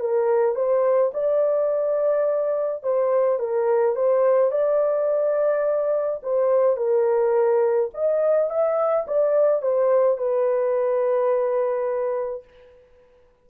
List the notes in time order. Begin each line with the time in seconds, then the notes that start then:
0.00 A#4
0.56 C5
1.14 D5
2.84 C5
3.40 A#4
3.96 C5
4.51 D5
6.23 C5
6.77 A#4
7.95 D#5
8.50 E5
9.07 D5
9.62 C5
10.18 B4